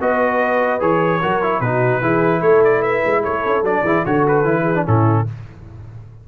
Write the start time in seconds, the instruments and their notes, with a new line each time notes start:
0.00 tuba B3, trombone F#4, horn B4, trumpet D#5
0.80 tuba E3, trombone G#4, trumpet C#5
1.21 tuba F#3, trombone F#4, horn A#4
1.43 trombone E4
1.60 tuba B2, trombone D#4, horn F#4, trumpet B4
2.01 tuba E3, trombone E4, horn G#4
2.40 tuba A3, horn A4, trumpet C#5
2.65 trumpet D5
2.81 horn B4, trumpet E5
3.05 tuba G#3
3.23 tuba A3, horn A4, trumpet C#5
3.45 tuba C#4
3.62 tuba F#3, trombone D4, trumpet D5
3.83 tuba E3, trombone E4, horn G#4
4.04 tuba D3, trombone F#4, horn A4, trumpet C#5
4.28 trumpet B4
4.45 tuba E3, trombone E4
4.63 horn G#4
4.75 trombone D4
4.86 tuba A2, trombone C#4, horn E4, trumpet A4